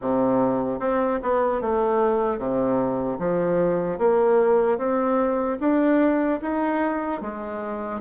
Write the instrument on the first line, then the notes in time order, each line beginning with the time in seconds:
bassoon
0.01 C3
0.79 C4
1.22 B3
1.61 A3
2.38 C3
3.18 F3
3.98 A#3
4.78 C4
5.60 D4
6.41 D#4
7.21 G#3